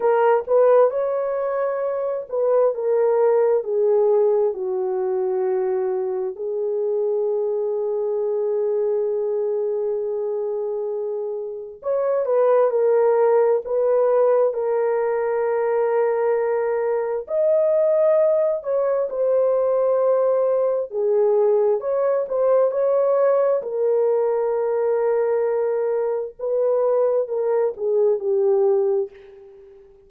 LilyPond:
\new Staff \with { instrumentName = "horn" } { \time 4/4 \tempo 4 = 66 ais'8 b'8 cis''4. b'8 ais'4 | gis'4 fis'2 gis'4~ | gis'1~ | gis'4 cis''8 b'8 ais'4 b'4 |
ais'2. dis''4~ | dis''8 cis''8 c''2 gis'4 | cis''8 c''8 cis''4 ais'2~ | ais'4 b'4 ais'8 gis'8 g'4 | }